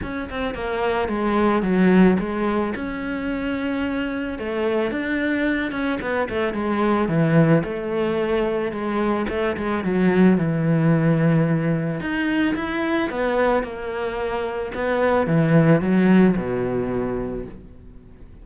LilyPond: \new Staff \with { instrumentName = "cello" } { \time 4/4 \tempo 4 = 110 cis'8 c'8 ais4 gis4 fis4 | gis4 cis'2. | a4 d'4. cis'8 b8 a8 | gis4 e4 a2 |
gis4 a8 gis8 fis4 e4~ | e2 dis'4 e'4 | b4 ais2 b4 | e4 fis4 b,2 | }